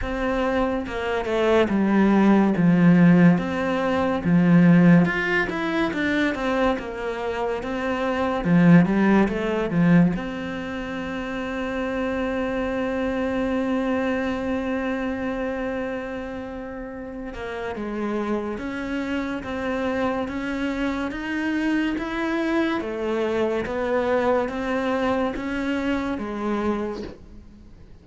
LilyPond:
\new Staff \with { instrumentName = "cello" } { \time 4/4 \tempo 4 = 71 c'4 ais8 a8 g4 f4 | c'4 f4 f'8 e'8 d'8 c'8 | ais4 c'4 f8 g8 a8 f8 | c'1~ |
c'1~ | c'8 ais8 gis4 cis'4 c'4 | cis'4 dis'4 e'4 a4 | b4 c'4 cis'4 gis4 | }